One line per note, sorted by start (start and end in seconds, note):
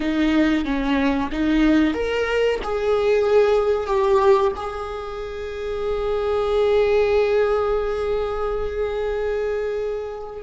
0.00 0.64 D#4
0.64 1.30 C#4
1.31 1.94 D#4
1.94 2.59 A#4
2.63 3.87 G#4
3.87 4.52 G4
4.55 10.42 G#4